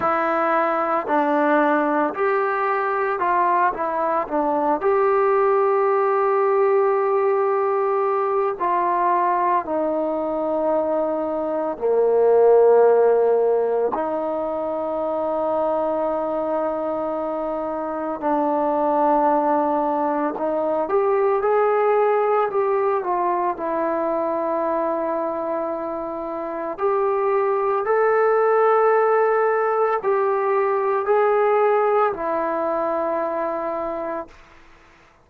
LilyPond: \new Staff \with { instrumentName = "trombone" } { \time 4/4 \tempo 4 = 56 e'4 d'4 g'4 f'8 e'8 | d'8 g'2.~ g'8 | f'4 dis'2 ais4~ | ais4 dis'2.~ |
dis'4 d'2 dis'8 g'8 | gis'4 g'8 f'8 e'2~ | e'4 g'4 a'2 | g'4 gis'4 e'2 | }